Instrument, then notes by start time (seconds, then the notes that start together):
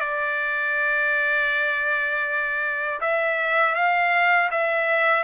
trumpet
0.00 D5
3.00 E5
3.75 F5
4.50 E5